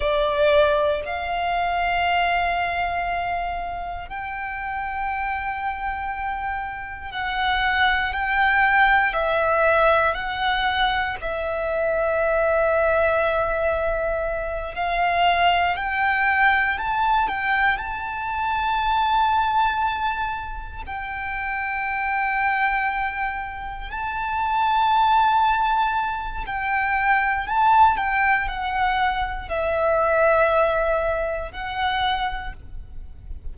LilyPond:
\new Staff \with { instrumentName = "violin" } { \time 4/4 \tempo 4 = 59 d''4 f''2. | g''2. fis''4 | g''4 e''4 fis''4 e''4~ | e''2~ e''8 f''4 g''8~ |
g''8 a''8 g''8 a''2~ a''8~ | a''8 g''2. a''8~ | a''2 g''4 a''8 g''8 | fis''4 e''2 fis''4 | }